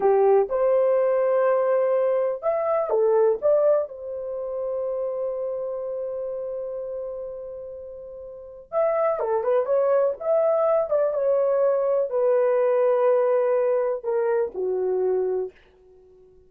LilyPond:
\new Staff \with { instrumentName = "horn" } { \time 4/4 \tempo 4 = 124 g'4 c''2.~ | c''4 e''4 a'4 d''4 | c''1~ | c''1~ |
c''2 e''4 a'8 b'8 | cis''4 e''4. d''8 cis''4~ | cis''4 b'2.~ | b'4 ais'4 fis'2 | }